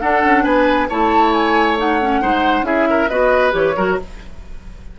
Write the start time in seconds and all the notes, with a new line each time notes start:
0.00 D4 A4 F#5
0.24 C#4
0.43 B3 B4 G#5
0.89 A3 E4 C#5 A5
1.33 G#5
1.78 D#4 F#5
2.01 C#4
2.22 G#3 D#4 C5
2.62 C#4 E4 G#4 E5
2.90 A#4
3.09 B3 F#4 B4 D#5
3.52 E3 G4 C#5
3.76 F#3 F#4 A#4